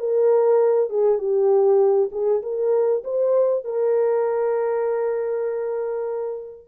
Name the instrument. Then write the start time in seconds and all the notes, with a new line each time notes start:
horn
0.00 A#4
0.90 G#4
1.19 G4
2.12 G#4
2.43 A#4
3.04 C5
3.65 A#4